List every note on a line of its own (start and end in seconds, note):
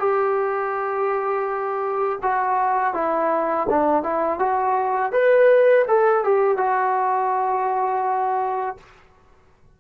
0.00 2.20 G4
2.23 2.94 F#4
2.94 3.68 E4
3.70 4.03 D4
4.03 4.40 E4
4.40 5.13 F#4
5.13 5.86 B4
5.88 6.25 A4
6.25 6.58 G4
6.58 8.78 F#4